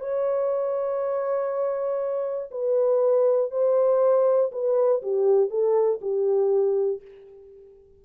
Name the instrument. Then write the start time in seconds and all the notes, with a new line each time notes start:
horn
0.00 C#5
2.51 B4
3.51 C5
4.52 B4
5.02 G4
5.50 A4
6.01 G4